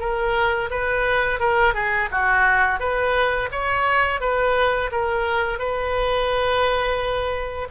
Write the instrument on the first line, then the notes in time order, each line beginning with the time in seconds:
oboe
0.00 A#4
0.70 B4
1.40 A#4
1.74 G#4
2.12 F#4
2.80 B4
3.52 C#5
4.21 B4
4.92 A#4
5.59 B4